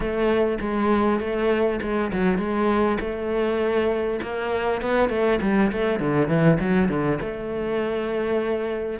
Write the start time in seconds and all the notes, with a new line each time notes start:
0.00 A3
0.60 G#3
1.20 A3
1.81 G#3
2.12 F#3
2.38 G#3
3.00 A3
4.22 A#3
4.81 B3
5.09 A3
5.41 G3
5.72 A3
5.99 D3
6.28 E3
6.60 F#3
6.88 D3
7.21 A3